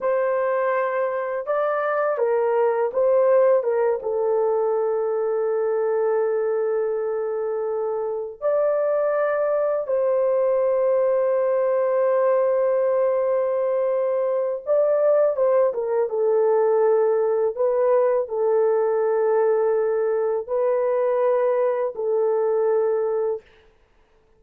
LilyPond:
\new Staff \with { instrumentName = "horn" } { \time 4/4 \tempo 4 = 82 c''2 d''4 ais'4 | c''4 ais'8 a'2~ a'8~ | a'2.~ a'8 d''8~ | d''4. c''2~ c''8~ |
c''1 | d''4 c''8 ais'8 a'2 | b'4 a'2. | b'2 a'2 | }